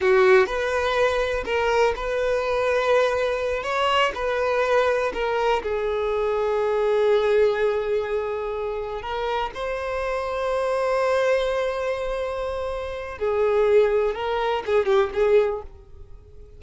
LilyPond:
\new Staff \with { instrumentName = "violin" } { \time 4/4 \tempo 4 = 123 fis'4 b'2 ais'4 | b'2.~ b'8 cis''8~ | cis''8 b'2 ais'4 gis'8~ | gis'1~ |
gis'2~ gis'8 ais'4 c''8~ | c''1~ | c''2. gis'4~ | gis'4 ais'4 gis'8 g'8 gis'4 | }